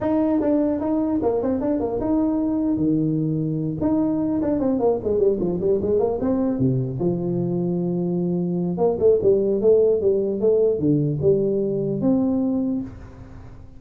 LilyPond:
\new Staff \with { instrumentName = "tuba" } { \time 4/4 \tempo 4 = 150 dis'4 d'4 dis'4 ais8 c'8 | d'8 ais8 dis'2 dis4~ | dis4. dis'4. d'8 c'8 | ais8 gis8 g8 f8 g8 gis8 ais8 c'8~ |
c'8 c4 f2~ f8~ | f2 ais8 a8 g4 | a4 g4 a4 d4 | g2 c'2 | }